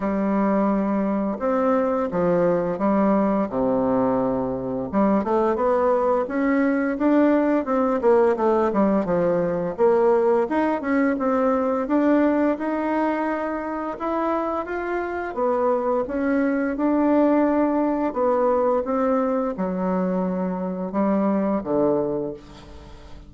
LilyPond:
\new Staff \with { instrumentName = "bassoon" } { \time 4/4 \tempo 4 = 86 g2 c'4 f4 | g4 c2 g8 a8 | b4 cis'4 d'4 c'8 ais8 | a8 g8 f4 ais4 dis'8 cis'8 |
c'4 d'4 dis'2 | e'4 f'4 b4 cis'4 | d'2 b4 c'4 | fis2 g4 d4 | }